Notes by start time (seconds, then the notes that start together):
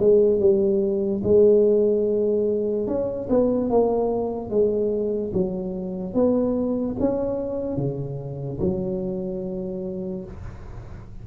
0.00 G#3
0.40 G3
1.24 G#3
2.88 C#4
3.30 B3
3.70 A#3
4.50 G#3
5.33 F#3
6.14 B3
7.00 C#4
7.77 C#3
8.60 F#3